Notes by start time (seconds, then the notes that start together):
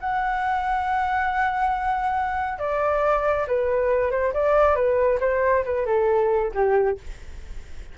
0.00 F#5
2.58 D5
3.47 B4
4.11 C5
4.33 D5
4.75 B4
5.20 C5
5.64 B4
5.86 A4
6.54 G4